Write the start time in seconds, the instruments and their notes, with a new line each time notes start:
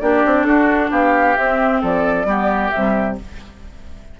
0.00 bassoon A#3, clarinet D4, oboe G4, flute D5
0.25 bassoon C4
0.44 bassoon D4, oboe F#4, flute A4
0.90 bassoon B3, oboe G4, flute F5
1.36 bassoon C4, clarinet C4, flute E5
1.81 bassoon F3, oboe A4, flute D5
2.24 bassoon G3, clarinet B3, oboe G4
2.70 bassoon C3, clarinet G3, flute E5